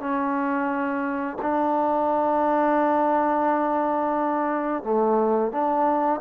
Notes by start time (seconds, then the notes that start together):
0.00 C#4
1.42 D4
4.83 A3
5.52 D4